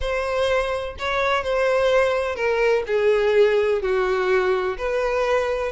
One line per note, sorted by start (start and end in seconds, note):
0.00 0.95 C5
0.98 1.43 C#5
1.43 2.35 C5
2.35 2.83 A#4
2.86 3.82 G#4
3.82 4.77 F#4
4.77 5.71 B4